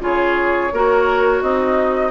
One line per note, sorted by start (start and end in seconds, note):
0.00 0.71 C#3
0.00 0.71 F4
0.00 0.74 G#4
0.00 1.42 C#5
0.73 1.42 A#3
0.73 2.11 F#4
0.73 1.43 A#4
1.42 2.11 C4
1.42 2.11 D#4
1.42 2.11 D#5